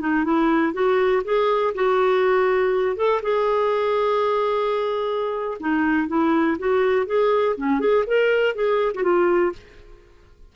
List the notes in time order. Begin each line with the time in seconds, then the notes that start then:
0.00 D#4
0.24 E4
0.73 F#4
1.24 G#4
1.74 F#4
2.96 A4
3.22 G#4
5.59 D#4
6.08 E4
6.58 F#4
7.06 G#4
7.57 C#4
7.79 G#4
8.06 A#4
8.55 G#4
8.94 F#4
9.03 F4